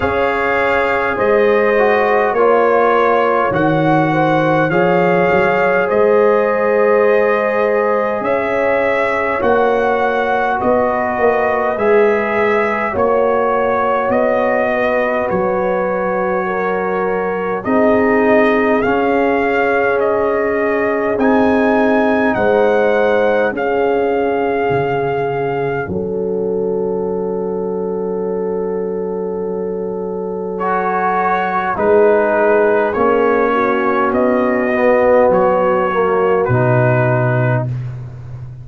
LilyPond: <<
  \new Staff \with { instrumentName = "trumpet" } { \time 4/4 \tempo 4 = 51 f''4 dis''4 cis''4 fis''4 | f''4 dis''2 e''4 | fis''4 dis''4 e''4 cis''4 | dis''4 cis''2 dis''4 |
f''4 dis''4 gis''4 fis''4 | f''2 fis''2~ | fis''2 cis''4 b'4 | cis''4 dis''4 cis''4 b'4 | }
  \new Staff \with { instrumentName = "horn" } { \time 4/4 cis''4 c''4 cis''4. c''8 | cis''4 c''2 cis''4~ | cis''4 b'2 cis''4~ | cis''8 b'4. ais'4 gis'4~ |
gis'2. c''4 | gis'2 a'2~ | a'2. gis'4~ | gis'8 fis'2.~ fis'8 | }
  \new Staff \with { instrumentName = "trombone" } { \time 4/4 gis'4. fis'8 f'4 fis'4 | gis'1 | fis'2 gis'4 fis'4~ | fis'2. dis'4 |
cis'2 dis'2 | cis'1~ | cis'2 fis'4 dis'4 | cis'4. b4 ais8 dis'4 | }
  \new Staff \with { instrumentName = "tuba" } { \time 4/4 cis'4 gis4 ais4 dis4 | f8 fis8 gis2 cis'4 | ais4 b8 ais8 gis4 ais4 | b4 fis2 c'4 |
cis'2 c'4 gis4 | cis'4 cis4 fis2~ | fis2. gis4 | ais4 b4 fis4 b,4 | }
>>